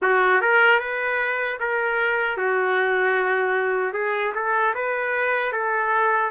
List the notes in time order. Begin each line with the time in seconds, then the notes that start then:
0.01 F#4
0.41 A#4
0.79 B4
1.60 A#4
2.37 F#4
3.93 G#4
4.34 A4
4.74 B4
5.52 A4